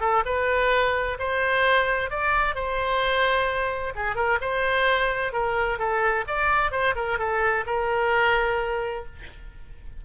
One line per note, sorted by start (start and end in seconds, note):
0.00 0.23 A4
0.25 1.17 B4
1.19 2.10 C5
2.10 2.55 D5
2.55 3.93 C5
3.95 4.15 G#4
4.15 4.38 A#4
4.41 5.32 C5
5.32 5.78 A#4
5.78 6.25 A4
6.27 6.71 D5
6.71 6.94 C5
6.95 7.18 A#4
7.18 7.64 A4
7.66 9.05 A#4